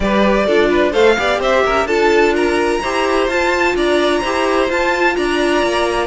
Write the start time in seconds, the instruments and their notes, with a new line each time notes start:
0.00 cello G3, viola G4, violin B4 D5
0.46 cello D4, viola F4, violin A4
0.69 violin B4
0.92 cello A3, viola A4, violin C5 F5
1.17 cello B3, viola G4, violin D5
1.39 cello C4, violin C5 E5
1.65 cello C#4, violin A#4
1.85 cello D4, viola F4, violin A4 A5
2.34 violin A#4 A#5
2.81 cello E4, viola G4, violin C5
3.27 cello F4, viola F4, violin A5
3.75 cello D4, violin D5 A#5
4.20 cello E4, viola G4, violin C5
4.68 viola F4, cello F4, violin A5
5.16 cello D4, violin D5 A#5
5.62 cello A#3